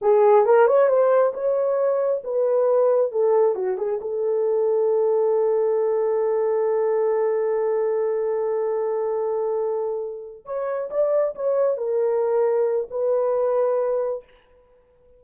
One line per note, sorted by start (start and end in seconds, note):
0.01 0.45 G#4
0.45 0.67 A#4
0.67 0.88 C#5
0.88 1.32 C5
1.33 2.22 C#5
2.24 3.11 B4
3.11 3.55 A4
3.55 3.77 F#4
3.77 3.99 G#4
4.01 10.45 A4
10.45 10.89 C#5
10.90 11.34 D5
11.35 11.77 C#5
11.77 12.88 A#4
12.90 14.23 B4